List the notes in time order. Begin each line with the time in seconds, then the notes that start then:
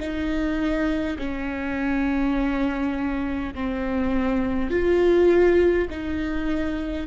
0.00 D#4
1.19 C#4
3.55 C4
4.71 F4
5.90 D#4